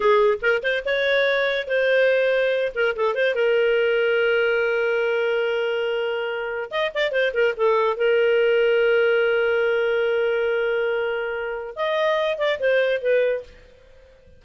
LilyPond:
\new Staff \with { instrumentName = "clarinet" } { \time 4/4 \tempo 4 = 143 gis'4 ais'8 c''8 cis''2 | c''2~ c''8 ais'8 a'8 c''8 | ais'1~ | ais'1 |
dis''8 d''8 c''8 ais'8 a'4 ais'4~ | ais'1~ | ais'1 | dis''4. d''8 c''4 b'4 | }